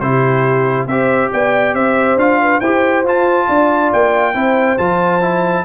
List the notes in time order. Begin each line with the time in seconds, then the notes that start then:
0.00 C3 E4 G4 C5
0.86 C4 G4 C5 E5
1.32 B3 D5 G5
1.74 C4 C5 E5
2.16 D4 F4 F5
2.41 B4
2.60 E4 G4 C5 G5
3.04 F4 A5
3.48 D4 D5
3.93 A#3 G5
4.34 C4 E4 C5
4.78 F3 F4 A5
5.21 E4